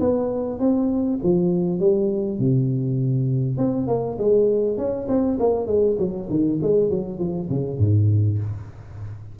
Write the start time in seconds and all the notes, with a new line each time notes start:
0.00 B3
0.60 C4
1.23 F3
1.80 G3
2.39 C3
3.58 C4
3.88 A#3
4.18 G#3
4.78 C#4
5.09 C4
5.40 A#3
5.67 G#3
5.99 F#3
6.30 D#3
6.63 G#3
6.90 F#3
7.19 F3
7.50 C#3
7.79 G#2